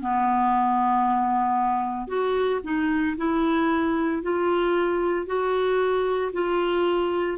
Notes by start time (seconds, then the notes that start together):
0.00 B3
2.08 F#4
2.63 D#4
3.17 E4
4.22 F4
5.26 F#4
6.33 F4